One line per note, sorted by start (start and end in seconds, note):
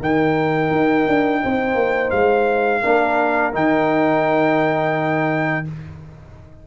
0.00 0.71 D#3
0.00 2.83 D#4
0.00 1.41 A#4
0.00 2.11 G5
0.71 1.07 D#4
1.08 1.43 D4
1.43 1.75 C4
1.43 2.82 C5
1.75 2.11 A#3
2.11 2.83 G#3
2.11 3.52 F5
2.82 3.55 A#3
2.82 3.53 D4
2.82 5.65 A#4
3.53 5.67 D#3
3.53 5.65 D#4
3.53 5.67 G5